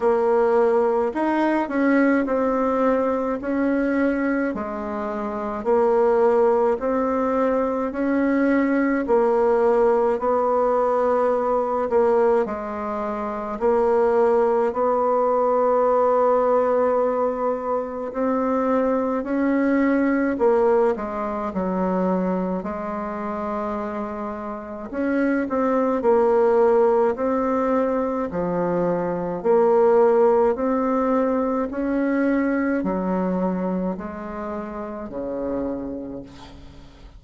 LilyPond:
\new Staff \with { instrumentName = "bassoon" } { \time 4/4 \tempo 4 = 53 ais4 dis'8 cis'8 c'4 cis'4 | gis4 ais4 c'4 cis'4 | ais4 b4. ais8 gis4 | ais4 b2. |
c'4 cis'4 ais8 gis8 fis4 | gis2 cis'8 c'8 ais4 | c'4 f4 ais4 c'4 | cis'4 fis4 gis4 cis4 | }